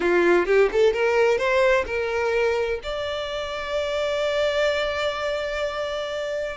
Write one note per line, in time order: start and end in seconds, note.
0.00 0.46 F4
0.46 0.69 G4
0.72 0.93 A4
0.93 1.38 A#4
1.38 1.85 C5
1.86 2.80 A#4
2.83 6.57 D5